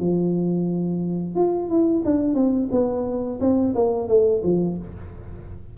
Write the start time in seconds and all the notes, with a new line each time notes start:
0.00 F3
1.36 F4
1.69 E4
2.05 D4
2.35 C4
2.72 B3
3.41 C4
3.75 A#3
4.08 A3
4.44 F3